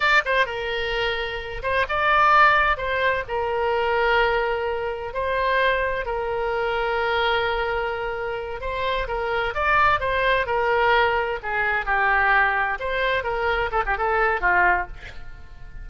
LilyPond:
\new Staff \with { instrumentName = "oboe" } { \time 4/4 \tempo 4 = 129 d''8 c''8 ais'2~ ais'8 c''8 | d''2 c''4 ais'4~ | ais'2. c''4~ | c''4 ais'2.~ |
ais'2~ ais'8 c''4 ais'8~ | ais'8 d''4 c''4 ais'4.~ | ais'8 gis'4 g'2 c''8~ | c''8 ais'4 a'16 g'16 a'4 f'4 | }